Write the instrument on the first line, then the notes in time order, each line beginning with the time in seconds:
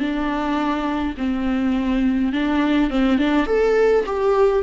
viola
0.00 D4
1.18 C4
2.33 D4
2.91 C4
3.18 D4
3.47 A4
4.06 G4